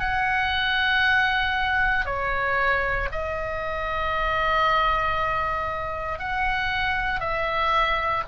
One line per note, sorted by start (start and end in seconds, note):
0.00 2.05 F#5
2.05 3.09 C#5
3.12 6.19 D#5
6.19 7.20 F#5
7.20 8.24 E5